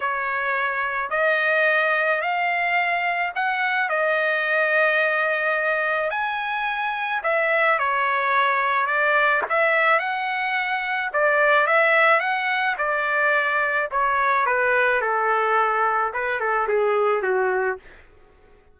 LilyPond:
\new Staff \with { instrumentName = "trumpet" } { \time 4/4 \tempo 4 = 108 cis''2 dis''2 | f''2 fis''4 dis''4~ | dis''2. gis''4~ | gis''4 e''4 cis''2 |
d''4 e''4 fis''2 | d''4 e''4 fis''4 d''4~ | d''4 cis''4 b'4 a'4~ | a'4 b'8 a'8 gis'4 fis'4 | }